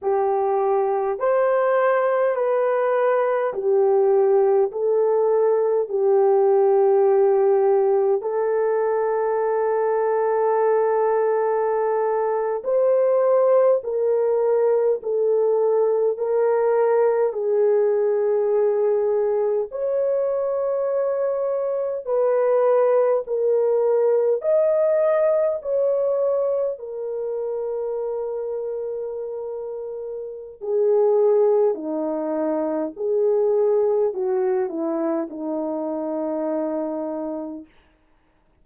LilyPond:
\new Staff \with { instrumentName = "horn" } { \time 4/4 \tempo 4 = 51 g'4 c''4 b'4 g'4 | a'4 g'2 a'4~ | a'2~ a'8. c''4 ais'16~ | ais'8. a'4 ais'4 gis'4~ gis'16~ |
gis'8. cis''2 b'4 ais'16~ | ais'8. dis''4 cis''4 ais'4~ ais'16~ | ais'2 gis'4 dis'4 | gis'4 fis'8 e'8 dis'2 | }